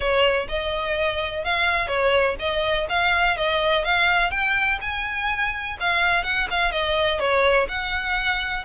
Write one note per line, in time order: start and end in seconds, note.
0.00 0.47 C#5
0.48 1.44 D#5
1.44 1.87 F5
1.87 2.35 C#5
2.39 2.87 D#5
2.89 3.36 F5
3.36 3.84 D#5
3.84 4.30 F5
4.30 4.78 G5
4.81 5.77 G#5
5.79 6.23 F5
6.23 6.47 F#5
6.50 6.71 F5
6.71 7.19 D#5
7.19 7.67 C#5
7.68 8.64 F#5